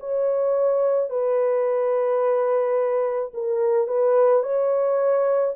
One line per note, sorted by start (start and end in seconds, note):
0.00 1.10 C#5
1.10 3.32 B4
3.34 3.88 A#4
3.88 4.43 B4
4.44 5.55 C#5